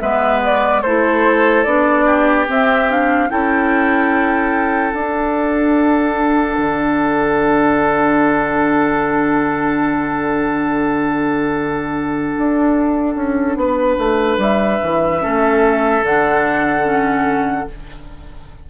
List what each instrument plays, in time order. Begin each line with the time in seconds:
0.00 bassoon G#3, clarinet B3, oboe B4, flute E5
0.45 flute D5
0.82 bassoon A3, clarinet E4, oboe A4, flute C5
1.63 bassoon B3, clarinet D4, flute D5
2.06 oboe G4
2.46 clarinet C4, bassoon C4, flute E5
2.88 clarinet D4, flute F5
3.29 bassoon C#4, clarinet E4, oboe A4, flute G5
4.93 bassoon D4, clarinet D4, flute F#5
6.58 bassoon D3
12.38 bassoon D4
13.16 bassoon C#4
13.56 bassoon B3, oboe B4
13.98 bassoon A3
14.38 bassoon G3, flute E5
14.83 bassoon E3
15.21 bassoon A3, clarinet C#4, oboe A4
16.02 bassoon D3, clarinet D4, flute F#5
16.84 clarinet C#4